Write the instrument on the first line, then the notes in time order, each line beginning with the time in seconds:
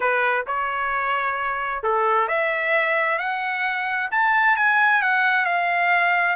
trumpet
0.00 B4
0.47 C#5
1.83 A4
2.28 E5
3.18 F#5
4.11 A5
4.56 G#5
5.02 F#5
5.45 F5